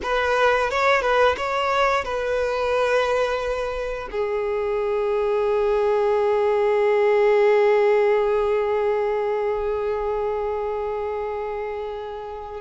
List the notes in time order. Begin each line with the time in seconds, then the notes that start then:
0.02 B4
0.70 C#5
1.01 B4
1.37 C#5
2.04 B4
4.11 G#4